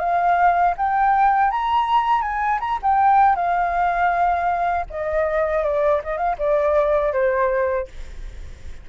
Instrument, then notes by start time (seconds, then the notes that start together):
flute
0.00 F5
0.78 G5
1.51 A#5
2.22 G#5
2.60 A#5
2.83 G5
3.36 F5
4.91 D#5
5.64 D5
6.04 D#5
6.18 F5
6.39 D5
7.13 C5